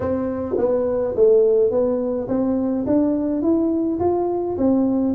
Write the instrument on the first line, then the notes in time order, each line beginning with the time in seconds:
tuba
0.00 C4
0.57 B3
1.15 A3
1.70 B3
2.28 C4
2.86 D4
3.42 E4
3.99 F4
4.57 C4